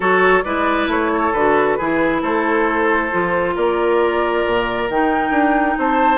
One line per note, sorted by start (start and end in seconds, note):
0.00 0.42 F#3
0.00 0.42 F#4
0.00 0.44 A4
0.00 0.43 C#5
0.43 0.87 G#3
0.43 1.34 E4
0.43 1.11 B4
0.43 0.87 D5
0.87 1.31 A3
0.87 1.33 C#5
1.13 1.77 A4
1.33 1.78 D3
1.33 1.79 F#4
1.33 2.22 B4
1.77 2.22 E3
1.77 3.11 E4
1.77 2.22 G#4
2.22 3.11 A3
2.22 3.55 A4
2.22 3.56 C5
3.11 3.56 F3
3.11 4.89 F4
3.55 4.45 A#3
3.55 5.77 A#4
3.55 4.89 D5
4.45 4.89 A#2
4.89 5.30 D#3
4.89 6.18 D#4
4.89 5.79 G5
5.30 5.75 D4
5.78 6.18 C4
5.78 6.18 C5
5.78 6.18 A5